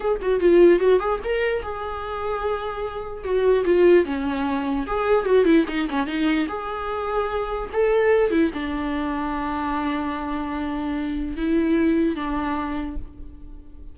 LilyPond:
\new Staff \with { instrumentName = "viola" } { \time 4/4 \tempo 4 = 148 gis'8 fis'8 f'4 fis'8 gis'8 ais'4 | gis'1 | fis'4 f'4 cis'2 | gis'4 fis'8 e'8 dis'8 cis'8 dis'4 |
gis'2. a'4~ | a'8 e'8 d'2.~ | d'1 | e'2 d'2 | }